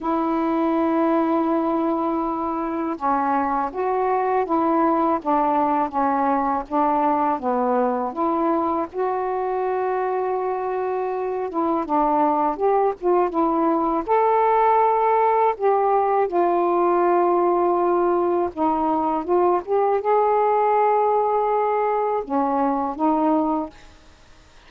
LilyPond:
\new Staff \with { instrumentName = "saxophone" } { \time 4/4 \tempo 4 = 81 e'1 | cis'4 fis'4 e'4 d'4 | cis'4 d'4 b4 e'4 | fis'2.~ fis'8 e'8 |
d'4 g'8 f'8 e'4 a'4~ | a'4 g'4 f'2~ | f'4 dis'4 f'8 g'8 gis'4~ | gis'2 cis'4 dis'4 | }